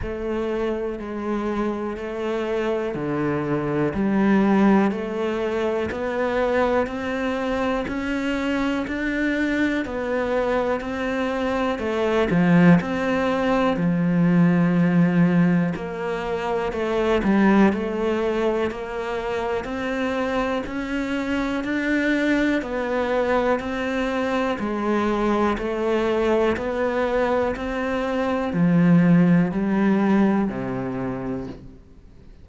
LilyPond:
\new Staff \with { instrumentName = "cello" } { \time 4/4 \tempo 4 = 61 a4 gis4 a4 d4 | g4 a4 b4 c'4 | cis'4 d'4 b4 c'4 | a8 f8 c'4 f2 |
ais4 a8 g8 a4 ais4 | c'4 cis'4 d'4 b4 | c'4 gis4 a4 b4 | c'4 f4 g4 c4 | }